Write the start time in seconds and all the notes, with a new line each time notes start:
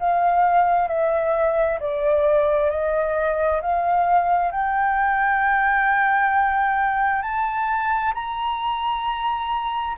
0.00 F5
0.88 E5
1.80 D5
2.70 D#5
3.62 F5
4.52 G5
7.22 A5
8.14 A#5